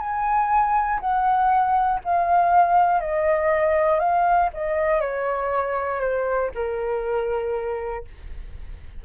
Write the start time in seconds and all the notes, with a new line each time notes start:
0.00 G#5
1.01 F#5
2.05 F5
3.01 D#5
4.00 F5
4.54 D#5
5.01 C#5
6.01 C5
6.55 A#4